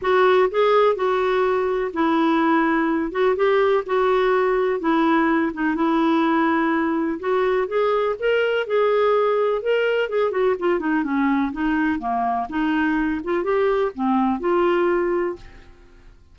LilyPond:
\new Staff \with { instrumentName = "clarinet" } { \time 4/4 \tempo 4 = 125 fis'4 gis'4 fis'2 | e'2~ e'8 fis'8 g'4 | fis'2 e'4. dis'8 | e'2. fis'4 |
gis'4 ais'4 gis'2 | ais'4 gis'8 fis'8 f'8 dis'8 cis'4 | dis'4 ais4 dis'4. f'8 | g'4 c'4 f'2 | }